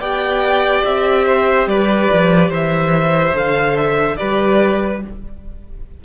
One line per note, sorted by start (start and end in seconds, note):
0.00 0.83 B3
0.00 3.33 G4
0.00 1.25 D5
0.00 0.84 G5
0.84 1.66 C4
0.84 1.68 E5
1.27 1.68 C5
1.66 2.08 G3
1.66 2.49 B4
1.66 2.51 D5
2.13 2.49 F3
2.49 3.33 E3
2.49 4.16 C5
2.49 3.37 E5
3.33 4.16 D3
3.33 4.16 A4
3.33 3.77 F5
3.77 4.17 E5
4.17 5.05 G3
4.17 5.01 G4
4.17 5.02 B4
4.17 5.00 D5